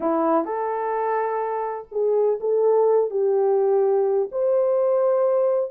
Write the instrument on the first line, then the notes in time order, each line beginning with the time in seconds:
horn
0.00 E4
0.44 A4
1.91 G#4
2.40 A4
3.10 G4
4.31 C5